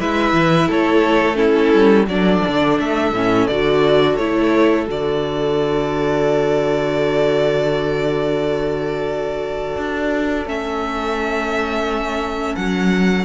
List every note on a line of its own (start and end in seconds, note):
0.00 0.33 G#3
0.00 1.35 E4
0.00 0.69 B4
0.00 0.71 E5
0.33 0.68 E3
0.69 1.74 A3
0.69 1.38 A4
0.69 1.36 C#5
1.35 2.05 C#4
1.35 2.08 E4
1.35 2.06 A4
1.74 2.07 G3
2.07 2.42 F#3
2.07 3.15 D4
2.07 13.26 A4
2.07 2.79 D5
2.48 2.79 D3
2.79 3.12 A3
2.79 3.47 E5
3.12 3.47 A2
3.12 3.51 C#4
3.47 4.19 D3
3.47 4.20 F#4
3.47 4.16 D5
4.16 4.88 A3
4.16 4.87 E4
4.16 4.86 C#5
4.87 9.77 D3
4.87 10.45 F#4
4.87 10.49 D5
9.78 10.46 D4
10.46 12.55 A3
10.46 13.25 C#4
10.46 12.56 E5
12.56 13.26 F#3
12.56 13.26 F#5